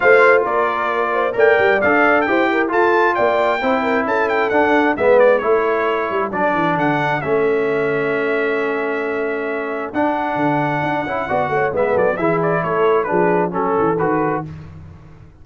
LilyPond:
<<
  \new Staff \with { instrumentName = "trumpet" } { \time 4/4 \tempo 4 = 133 f''4 d''2 g''4 | f''4 g''4 a''4 g''4~ | g''4 a''8 g''8 fis''4 e''8 d''8 | cis''2 d''4 fis''4 |
e''1~ | e''2 fis''2~ | fis''2 e''8 d''8 e''8 d''8 | cis''4 b'4 a'4 b'4 | }
  \new Staff \with { instrumentName = "horn" } { \time 4/4 c''4 ais'4. c''8 d''4~ | d''4 c''8 ais'8 a'4 d''4 | c''8 ais'8 a'2 b'4 | a'1~ |
a'1~ | a'1~ | a'4 d''8 cis''8 b'8 a'8 gis'4 | a'4 gis'4 a'2 | }
  \new Staff \with { instrumentName = "trombone" } { \time 4/4 f'2. ais'4 | a'4 g'4 f'2 | e'2 d'4 b4 | e'2 d'2 |
cis'1~ | cis'2 d'2~ | d'8 e'8 fis'4 b4 e'4~ | e'4 d'4 cis'4 fis'4 | }
  \new Staff \with { instrumentName = "tuba" } { \time 4/4 a4 ais2 a8 g8 | d'4 e'4 f'4 ais4 | c'4 cis'4 d'4 gis4 | a4. g8 fis8 e8 d4 |
a1~ | a2 d'4 d4 | d'8 cis'8 b8 a8 gis8 fis8 e4 | a4 f4 fis8 e8 dis4 | }
>>